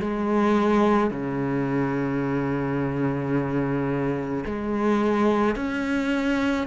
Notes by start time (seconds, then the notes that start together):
0.00 G#3
1.11 C#3
4.45 G#3
5.56 C#4